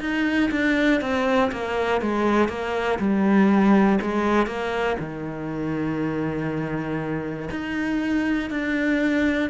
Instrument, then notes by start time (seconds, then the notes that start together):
cello
0.00 D#4
0.51 D4
1.01 C4
1.52 A#3
2.02 G#3
2.49 A#3
3.00 G3
4.01 G#3
4.47 A#3
5.00 D#3
7.50 D#4
8.50 D4